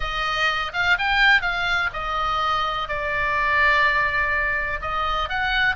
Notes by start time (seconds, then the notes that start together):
0.00 D#5
0.73 F5
0.98 G5
1.41 F5
1.93 D#5
2.88 D5
4.81 D#5
5.29 F#5